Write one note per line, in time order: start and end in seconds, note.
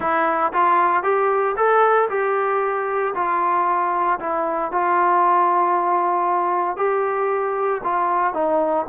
0.00 0.52 E4
0.52 1.03 F4
1.03 1.55 G4
1.56 2.08 A4
2.09 3.14 G4
3.14 4.19 F4
4.19 4.71 E4
4.71 6.77 F4
6.77 7.81 G4
7.83 8.33 F4
8.33 8.86 D#4